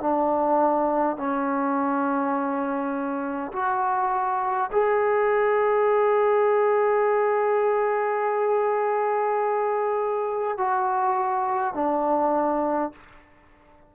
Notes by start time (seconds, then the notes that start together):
0.00 D4
1.16 C#4
3.52 F#4
4.71 G#4
10.57 F#4
11.74 D4